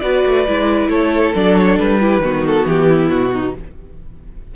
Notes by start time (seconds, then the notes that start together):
0.00 B3 F#4 B4 D5
0.26 A3
0.48 G#3 E4
0.89 A3 A4 C#5
1.35 F#3 D4 D5
1.57 C#5
1.79 G3 B4
2.00 E4 G4
2.19 D#3 B3 F#4
2.47 A4
2.66 E3 G4
2.89 E4
3.11 B2 F#4
3.33 D#4